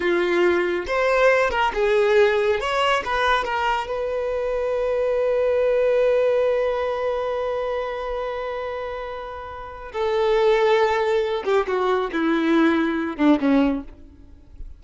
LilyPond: \new Staff \with { instrumentName = "violin" } { \time 4/4 \tempo 4 = 139 f'2 c''4. ais'8 | gis'2 cis''4 b'4 | ais'4 b'2.~ | b'1~ |
b'1~ | b'2. a'4~ | a'2~ a'8 g'8 fis'4 | e'2~ e'8 d'8 cis'4 | }